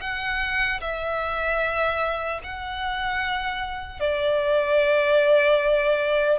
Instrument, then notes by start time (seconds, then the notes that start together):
violin
0.00 F#5
0.80 E5
2.43 F#5
4.00 D5